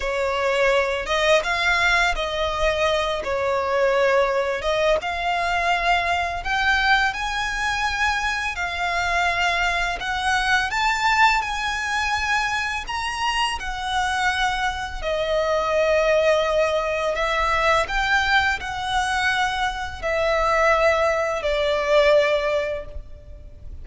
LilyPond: \new Staff \with { instrumentName = "violin" } { \time 4/4 \tempo 4 = 84 cis''4. dis''8 f''4 dis''4~ | dis''8 cis''2 dis''8 f''4~ | f''4 g''4 gis''2 | f''2 fis''4 a''4 |
gis''2 ais''4 fis''4~ | fis''4 dis''2. | e''4 g''4 fis''2 | e''2 d''2 | }